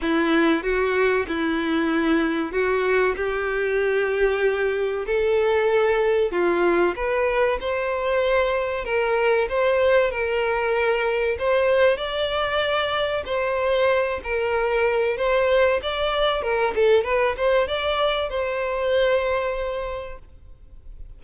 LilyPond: \new Staff \with { instrumentName = "violin" } { \time 4/4 \tempo 4 = 95 e'4 fis'4 e'2 | fis'4 g'2. | a'2 f'4 b'4 | c''2 ais'4 c''4 |
ais'2 c''4 d''4~ | d''4 c''4. ais'4. | c''4 d''4 ais'8 a'8 b'8 c''8 | d''4 c''2. | }